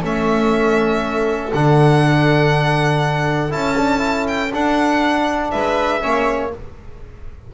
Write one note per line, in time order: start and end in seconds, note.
0.00 1.53 A3
0.00 1.52 C#4
0.00 5.50 A4
0.00 1.53 E5
1.53 3.54 D3
1.53 3.50 D4
1.53 3.52 F#5
3.50 4.53 C#4
3.50 3.75 E4
3.50 4.27 A5
3.77 3.98 D4
3.98 4.48 E4
4.27 4.52 G5
4.53 5.53 D4
4.53 6.00 D4
4.53 5.51 F#5
5.51 6.04 G#3
5.51 6.03 B4
5.51 6.51 E5
6.00 6.54 A#3
6.00 6.50 C#4
6.00 6.53 C#5